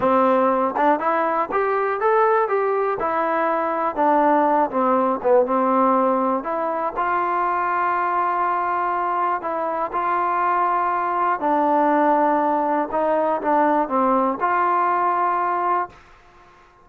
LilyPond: \new Staff \with { instrumentName = "trombone" } { \time 4/4 \tempo 4 = 121 c'4. d'8 e'4 g'4 | a'4 g'4 e'2 | d'4. c'4 b8 c'4~ | c'4 e'4 f'2~ |
f'2. e'4 | f'2. d'4~ | d'2 dis'4 d'4 | c'4 f'2. | }